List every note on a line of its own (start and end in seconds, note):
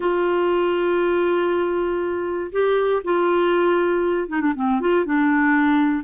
0.00 2.51 F4
2.52 3.02 G4
3.03 4.28 F4
4.28 4.40 D#4
4.40 4.53 D4
4.55 4.80 C4
4.80 5.05 F4
5.05 6.04 D4